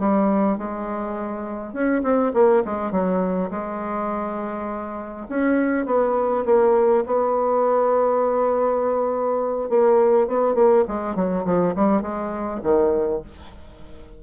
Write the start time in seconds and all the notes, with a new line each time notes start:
0.00 G3
0.58 G#3
1.73 C#4
2.03 C4
2.34 A#3
2.65 G#3
2.92 F#3
3.51 G#3
5.29 C#4
5.86 B3
6.46 A#3
7.06 B3
9.70 A#3
10.28 B3
10.55 A#3
10.88 G#3
11.16 F#3
11.45 F3
11.76 G3
12.02 G#3
12.63 D#3